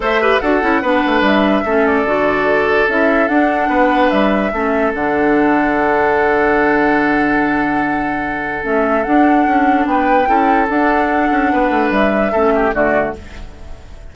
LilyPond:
<<
  \new Staff \with { instrumentName = "flute" } { \time 4/4 \tempo 4 = 146 e''4 fis''2 e''4~ | e''8 d''2~ d''8 e''4 | fis''2 e''2 | fis''1~ |
fis''1~ | fis''4 e''4 fis''2 | g''2 fis''2~ | fis''4 e''2 d''4 | }
  \new Staff \with { instrumentName = "oboe" } { \time 4/4 c''8 b'8 a'4 b'2 | a'1~ | a'4 b'2 a'4~ | a'1~ |
a'1~ | a'1 | b'4 a'2. | b'2 a'8 g'8 fis'4 | }
  \new Staff \with { instrumentName = "clarinet" } { \time 4/4 a'8 g'8 fis'8 e'8 d'2 | cis'4 fis'2 e'4 | d'2. cis'4 | d'1~ |
d'1~ | d'4 cis'4 d'2~ | d'4 e'4 d'2~ | d'2 cis'4 a4 | }
  \new Staff \with { instrumentName = "bassoon" } { \time 4/4 a4 d'8 cis'8 b8 a8 g4 | a4 d2 cis'4 | d'4 b4 g4 a4 | d1~ |
d1~ | d4 a4 d'4 cis'4 | b4 cis'4 d'4. cis'8 | b8 a8 g4 a4 d4 | }
>>